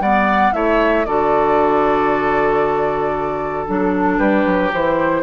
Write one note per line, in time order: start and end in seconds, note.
0.00 0.52 G3
0.00 0.53 B3
0.00 0.54 D5
0.00 0.53 F#5
0.53 1.06 A3
0.53 1.05 E4
0.53 1.07 C#5
0.53 1.05 E5
1.05 3.67 D3
1.05 3.67 F#4
1.05 4.17 A4
1.05 3.66 D5
3.67 4.19 F#3
3.67 4.72 D4
3.67 4.18 A4
4.17 4.45 G3
4.17 5.22 G4
4.17 4.70 B4
4.45 4.72 F#3
4.72 5.23 E3
4.72 5.23 E4
4.72 5.23 C5